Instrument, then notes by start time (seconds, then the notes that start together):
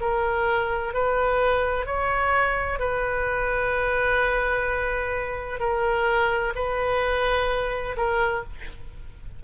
oboe
0.00 A#4
0.93 B4
1.86 C#5
2.79 B4
5.59 A#4
6.55 B4
7.96 A#4